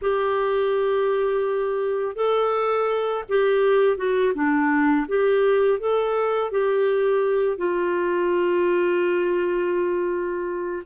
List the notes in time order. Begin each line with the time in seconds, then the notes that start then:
0.01 G4
2.15 A4
3.29 G4
3.97 F#4
4.34 D4
5.08 G4
5.79 A4
6.51 G4
7.57 F4